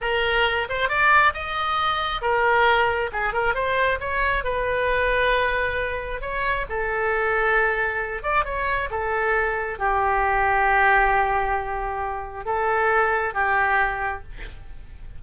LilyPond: \new Staff \with { instrumentName = "oboe" } { \time 4/4 \tempo 4 = 135 ais'4. c''8 d''4 dis''4~ | dis''4 ais'2 gis'8 ais'8 | c''4 cis''4 b'2~ | b'2 cis''4 a'4~ |
a'2~ a'8 d''8 cis''4 | a'2 g'2~ | g'1 | a'2 g'2 | }